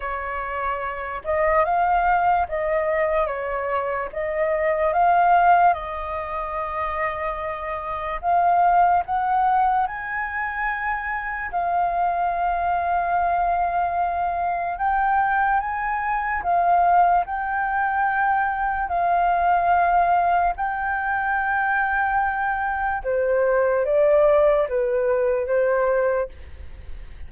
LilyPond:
\new Staff \with { instrumentName = "flute" } { \time 4/4 \tempo 4 = 73 cis''4. dis''8 f''4 dis''4 | cis''4 dis''4 f''4 dis''4~ | dis''2 f''4 fis''4 | gis''2 f''2~ |
f''2 g''4 gis''4 | f''4 g''2 f''4~ | f''4 g''2. | c''4 d''4 b'4 c''4 | }